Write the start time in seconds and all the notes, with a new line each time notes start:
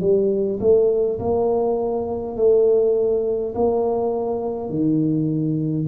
0.00 G3
0.60 A3
1.19 A#3
2.36 A3
3.55 A#3
4.70 D#3